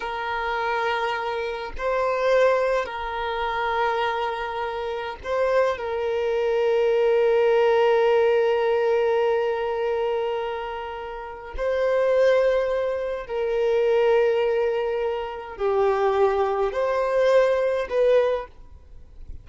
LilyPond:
\new Staff \with { instrumentName = "violin" } { \time 4/4 \tempo 4 = 104 ais'2. c''4~ | c''4 ais'2.~ | ais'4 c''4 ais'2~ | ais'1~ |
ais'1 | c''2. ais'4~ | ais'2. g'4~ | g'4 c''2 b'4 | }